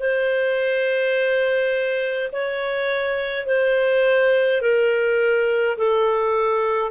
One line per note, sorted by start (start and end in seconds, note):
0.00 2.31 C5
2.32 3.46 C#5
3.46 4.62 C5
4.62 5.77 A#4
5.78 6.91 A4